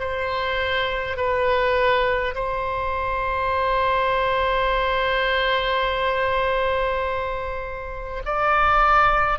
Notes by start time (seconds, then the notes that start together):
0.00 C5
1.17 B4
2.35 C5
8.26 D5